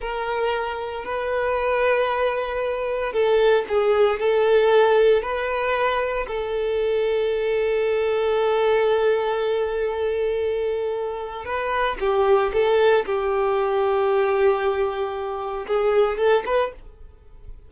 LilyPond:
\new Staff \with { instrumentName = "violin" } { \time 4/4 \tempo 4 = 115 ais'2 b'2~ | b'2 a'4 gis'4 | a'2 b'2 | a'1~ |
a'1~ | a'2 b'4 g'4 | a'4 g'2.~ | g'2 gis'4 a'8 b'8 | }